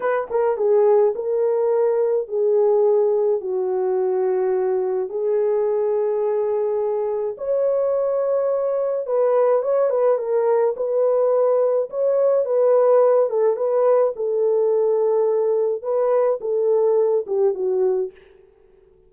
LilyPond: \new Staff \with { instrumentName = "horn" } { \time 4/4 \tempo 4 = 106 b'8 ais'8 gis'4 ais'2 | gis'2 fis'2~ | fis'4 gis'2.~ | gis'4 cis''2. |
b'4 cis''8 b'8 ais'4 b'4~ | b'4 cis''4 b'4. a'8 | b'4 a'2. | b'4 a'4. g'8 fis'4 | }